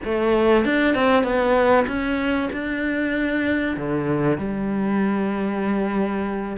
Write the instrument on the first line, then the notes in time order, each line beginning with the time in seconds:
cello
0.04 A3
0.64 D4
0.95 C4
1.23 B3
1.87 C#4
2.52 D4
3.76 D3
4.38 G3